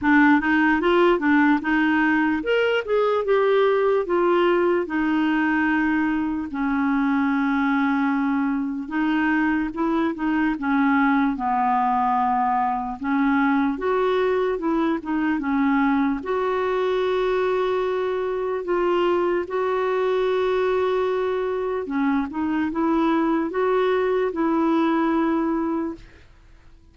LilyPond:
\new Staff \with { instrumentName = "clarinet" } { \time 4/4 \tempo 4 = 74 d'8 dis'8 f'8 d'8 dis'4 ais'8 gis'8 | g'4 f'4 dis'2 | cis'2. dis'4 | e'8 dis'8 cis'4 b2 |
cis'4 fis'4 e'8 dis'8 cis'4 | fis'2. f'4 | fis'2. cis'8 dis'8 | e'4 fis'4 e'2 | }